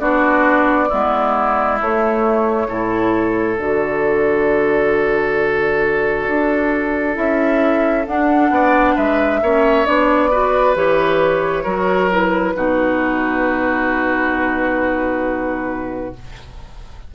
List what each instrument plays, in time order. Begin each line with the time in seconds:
0.00 bassoon B3, clarinet D4, oboe F#4, flute D5
0.89 bassoon G#3, clarinet B3, oboe E4
1.81 bassoon A3, clarinet A3, flute C#5
2.68 bassoon A2, clarinet E4, oboe A4
3.58 bassoon D3, clarinet F#4, flute D5
6.28 bassoon D4
7.15 bassoon C#4, clarinet E4, flute E5
8.07 bassoon D4, clarinet D4, flute F#5
8.51 bassoon B3, oboe D5
8.96 bassoon G#3, oboe B4, flute E5
9.42 bassoon A#3, clarinet C#4, oboe C#5
9.86 bassoon B3, clarinet D4, flute D5
10.30 clarinet F#4, oboe B4
10.75 bassoon E3, clarinet G4, flute C#5
11.64 bassoon F#3, clarinet F#4, oboe A#4
12.11 clarinet E4, flute B4
12.55 bassoon B2, clarinet D#4, oboe F#4